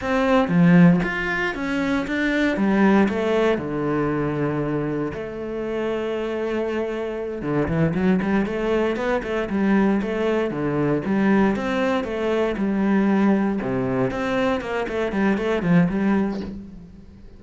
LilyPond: \new Staff \with { instrumentName = "cello" } { \time 4/4 \tempo 4 = 117 c'4 f4 f'4 cis'4 | d'4 g4 a4 d4~ | d2 a2~ | a2~ a8 d8 e8 fis8 |
g8 a4 b8 a8 g4 a8~ | a8 d4 g4 c'4 a8~ | a8 g2 c4 c'8~ | c'8 ais8 a8 g8 a8 f8 g4 | }